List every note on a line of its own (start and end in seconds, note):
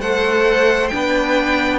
0.00 0.91 A3
0.00 0.92 A4
0.00 0.93 C5
0.00 0.88 F#5
0.88 1.80 B3
0.88 1.80 D4
0.88 1.79 G5
0.95 1.80 B4